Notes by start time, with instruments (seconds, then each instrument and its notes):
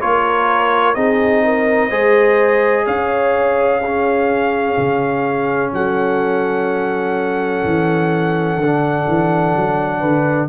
0.00 tuba A#3, trombone F4, horn A#4, trumpet C#5
0.95 tuba C4, trombone D#4, horn G#4, trumpet D#5
1.45 horn A#4
1.89 tuba G#3, trombone G#4, horn C5
2.86 tuba C#4, horn C#5, trumpet F5
3.80 trombone C#4, horn G#4
4.77 tuba C#3
5.73 tuba F#3, horn A4, trumpet F#5
7.64 tuba E3
8.57 tuba D3
8.63 trombone D4
9.08 tuba E3
9.56 tuba F#3
9.99 tuba D3, horn B4